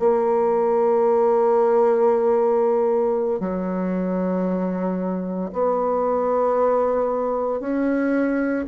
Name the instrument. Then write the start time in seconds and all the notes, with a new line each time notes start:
bassoon
0.00 A#3
3.40 F#3
5.53 B3
7.61 C#4